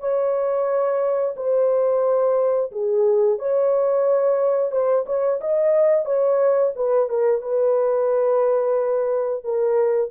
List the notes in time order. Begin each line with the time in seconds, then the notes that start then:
0.00 C#5
1.36 C5
2.71 G#4
3.39 C#5
4.71 C5
5.06 C#5
5.41 D#5
6.05 C#5
6.75 B4
7.09 A#4
7.41 B4
9.44 A#4